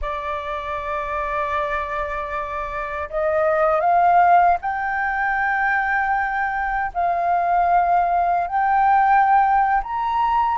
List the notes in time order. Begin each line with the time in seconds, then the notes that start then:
0.01 D5
3.09 D#5
3.80 F5
4.61 G5
6.94 F5
8.47 G5
9.83 A#5